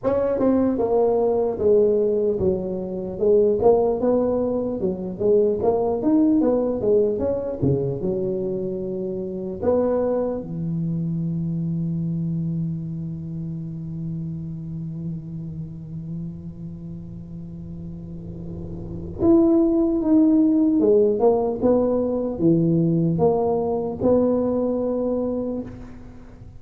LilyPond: \new Staff \with { instrumentName = "tuba" } { \time 4/4 \tempo 4 = 75 cis'8 c'8 ais4 gis4 fis4 | gis8 ais8 b4 fis8 gis8 ais8 dis'8 | b8 gis8 cis'8 cis8 fis2 | b4 e2.~ |
e1~ | e1 | e'4 dis'4 gis8 ais8 b4 | e4 ais4 b2 | }